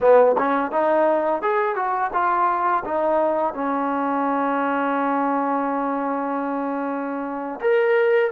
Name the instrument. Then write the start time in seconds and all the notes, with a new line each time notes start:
trombone
0.00 B3
0.38 C#4
0.71 D#4
1.42 G#4
1.75 F#4
2.13 F4
2.84 D#4
3.54 C#4
7.60 A#4